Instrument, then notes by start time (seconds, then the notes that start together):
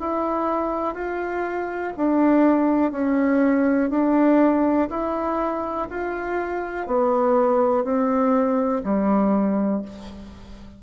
bassoon
0.00 E4
0.95 F4
1.97 D4
2.92 C#4
3.90 D4
4.90 E4
5.90 F4
6.87 B3
7.84 C4
8.84 G3